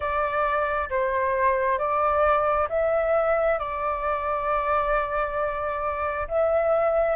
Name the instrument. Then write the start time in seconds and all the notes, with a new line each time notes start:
flute
0.00 D5
0.89 C5
1.78 D5
2.69 E5
3.59 D5
6.28 E5